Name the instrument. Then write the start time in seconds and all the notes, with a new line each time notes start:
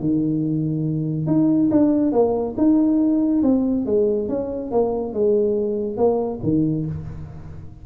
tuba
0.00 D#3
1.27 D#4
1.71 D4
2.12 A#3
2.58 D#4
3.43 C4
3.86 G#3
4.29 C#4
4.72 A#3
5.14 G#3
5.97 A#3
6.43 D#3